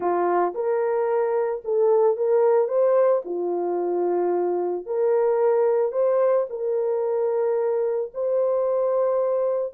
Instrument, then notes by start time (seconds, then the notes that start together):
horn
0.00 F4
0.54 A#4
1.64 A4
2.16 A#4
2.68 C5
3.25 F4
4.86 A#4
5.92 C5
6.49 A#4
8.14 C5